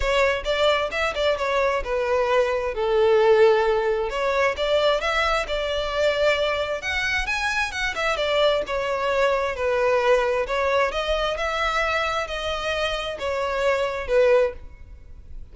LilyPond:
\new Staff \with { instrumentName = "violin" } { \time 4/4 \tempo 4 = 132 cis''4 d''4 e''8 d''8 cis''4 | b'2 a'2~ | a'4 cis''4 d''4 e''4 | d''2. fis''4 |
gis''4 fis''8 e''8 d''4 cis''4~ | cis''4 b'2 cis''4 | dis''4 e''2 dis''4~ | dis''4 cis''2 b'4 | }